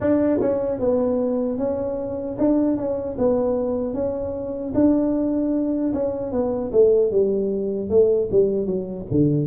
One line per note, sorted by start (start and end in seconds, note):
0.00 0.40 D4
0.40 0.79 C#4
0.79 1.58 B3
1.58 2.37 C#4
2.38 2.77 D4
2.77 3.16 C#4
3.18 3.94 B3
3.94 4.73 C#4
4.74 5.92 D4
5.93 6.32 C#4
6.32 6.71 B3
6.72 7.11 A3
7.11 7.89 G3
7.89 8.29 A3
8.31 8.66 G3
8.66 9.05 F#3
9.10 9.46 D3